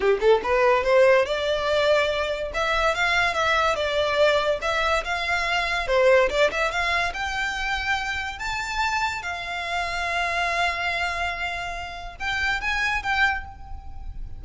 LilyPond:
\new Staff \with { instrumentName = "violin" } { \time 4/4 \tempo 4 = 143 g'8 a'8 b'4 c''4 d''4~ | d''2 e''4 f''4 | e''4 d''2 e''4 | f''2 c''4 d''8 e''8 |
f''4 g''2. | a''2 f''2~ | f''1~ | f''4 g''4 gis''4 g''4 | }